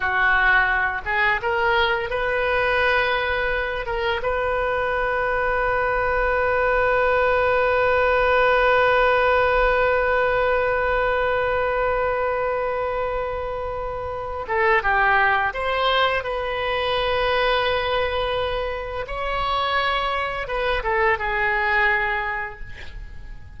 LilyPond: \new Staff \with { instrumentName = "oboe" } { \time 4/4 \tempo 4 = 85 fis'4. gis'8 ais'4 b'4~ | b'4. ais'8 b'2~ | b'1~ | b'1~ |
b'1~ | b'8 a'8 g'4 c''4 b'4~ | b'2. cis''4~ | cis''4 b'8 a'8 gis'2 | }